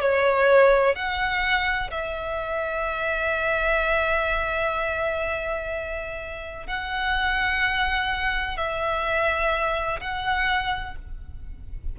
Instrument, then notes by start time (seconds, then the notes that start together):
violin
0.00 C#5
0.95 F#5
1.91 E5
6.66 F#5
8.57 E5
10.00 F#5